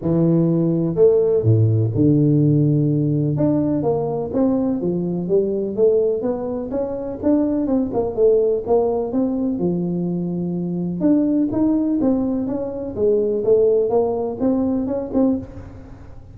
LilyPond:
\new Staff \with { instrumentName = "tuba" } { \time 4/4 \tempo 4 = 125 e2 a4 a,4 | d2. d'4 | ais4 c'4 f4 g4 | a4 b4 cis'4 d'4 |
c'8 ais8 a4 ais4 c'4 | f2. d'4 | dis'4 c'4 cis'4 gis4 | a4 ais4 c'4 cis'8 c'8 | }